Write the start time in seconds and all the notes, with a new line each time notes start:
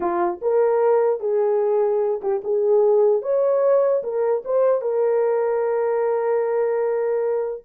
0.00 F4
0.41 A#4
1.20 G#4
2.21 G4
2.44 G#4
3.22 C#5
4.03 A#4
4.45 C5
4.81 A#4